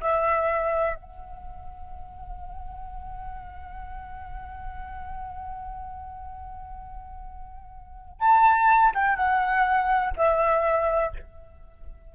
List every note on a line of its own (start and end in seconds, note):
0.00 0.95 E5
0.95 8.19 F#5
8.19 8.92 A5
8.94 9.16 G5
9.16 10.13 F#5
10.16 11.13 E5